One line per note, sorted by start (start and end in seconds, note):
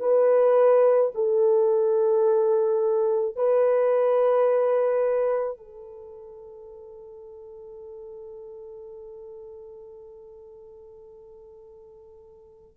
0.00 1.11 B4
1.15 3.36 A4
3.36 5.58 B4
5.58 12.77 A4